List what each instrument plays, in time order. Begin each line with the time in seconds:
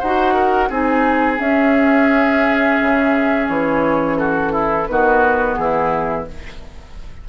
0.00 bassoon D#4, clarinet F#4, oboe C5, flute F#5
0.34 oboe A#4
0.69 bassoon C4, clarinet D#4, oboe G#4, flute G#5
1.38 clarinet C#4, bassoon C#4, flute E5
2.81 bassoon C#3
3.49 bassoon E3, flute C#5
4.18 oboe F#4, flute A4
4.53 oboe E4
4.87 bassoon D#3, clarinet B3, oboe F#4, flute B4
5.55 bassoon E3, oboe E4, flute G#4